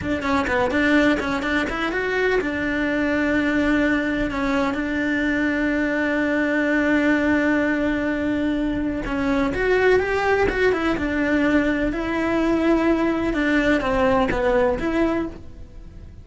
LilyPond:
\new Staff \with { instrumentName = "cello" } { \time 4/4 \tempo 4 = 126 d'8 cis'8 b8 d'4 cis'8 d'8 e'8 | fis'4 d'2.~ | d'4 cis'4 d'2~ | d'1~ |
d'2. cis'4 | fis'4 g'4 fis'8 e'8 d'4~ | d'4 e'2. | d'4 c'4 b4 e'4 | }